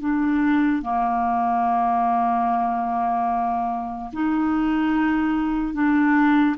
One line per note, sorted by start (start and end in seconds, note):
0.00 0.82 D4
0.82 4.11 A#3
4.12 5.73 D#4
5.73 6.56 D4